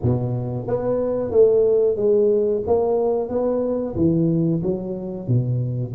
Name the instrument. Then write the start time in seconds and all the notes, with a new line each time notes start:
tuba
0.02 B2
0.67 B3
1.30 A3
1.96 G#3
2.66 A#3
3.29 B3
3.95 E3
4.62 F#3
5.27 B2